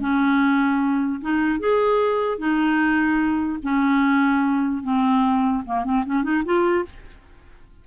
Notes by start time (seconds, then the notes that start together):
0.00 C#4
1.21 D#4
1.59 G#4
2.38 D#4
3.63 C#4
4.83 C4
5.66 A#3
5.84 C4
6.05 C#4
6.23 D#4
6.44 F4